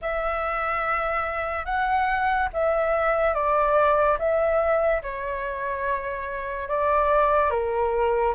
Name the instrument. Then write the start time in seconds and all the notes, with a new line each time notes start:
flute
0.01 E5
1.65 F#5
2.53 E5
3.34 D5
4.19 E5
5.02 C#5
6.68 D5
7.50 A#4